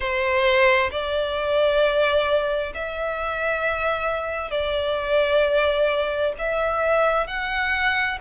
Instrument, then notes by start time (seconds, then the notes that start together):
violin
0.00 C5
0.91 D5
2.74 E5
4.50 D5
6.38 E5
7.27 F#5